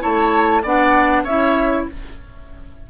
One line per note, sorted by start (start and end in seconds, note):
0.00 0.64 A3
0.00 0.61 E4
0.00 0.62 C#5
0.00 0.64 A5
0.62 1.24 B3
0.62 1.27 D4
0.62 1.23 D5
0.62 1.24 F#5
1.23 1.85 C#4
1.23 1.90 E4
1.23 1.85 C#5
1.23 1.85 E5